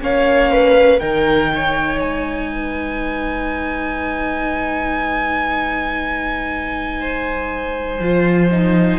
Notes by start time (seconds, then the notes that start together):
0.00 A#3 C#4 C#5 F5
0.52 B4
1.00 D#3 D#4 A#4 G5
1.55 C#5
2.00 G#3 G#5
2.52 B4
7.01 C5
8.01 F3 F4
8.52 D#4